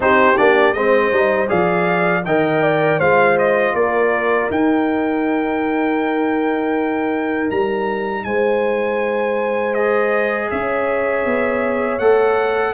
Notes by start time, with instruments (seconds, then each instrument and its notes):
0.00 tuba C4, trombone D#4, horn G4, trumpet C5
0.37 tuba A#3, trombone D4, trumpet D5
0.73 tuba G#3, trombone C4, horn C5, trumpet D#5
1.11 tuba G3, trombone D#4
1.47 tuba F3, trombone G#4, horn D5, trumpet F5
2.24 tuba D#3, trombone A#4, horn D#5, trumpet G5
2.62 horn D5
2.98 tuba G#3, trombone F4, horn C5, trumpet F5
3.38 trumpet D#5
3.73 tuba A#3, horn A#4, trumpet D5
4.50 tuba D#4, trombone D#4, trumpet G5
7.50 tuba G3, trumpet A#5
8.24 tuba G#3, horn C5, trumpet G#5
9.74 trombone G#4, trumpet D#5
10.50 tuba C#4, horn C#5, trumpet E5
11.25 tuba B3
11.99 tuba A3, trombone A4, trumpet F#5